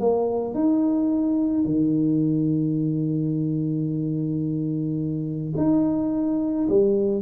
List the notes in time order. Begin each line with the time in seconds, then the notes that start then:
0.00 A#3
0.54 D#4
1.65 D#3
5.57 D#4
6.69 G3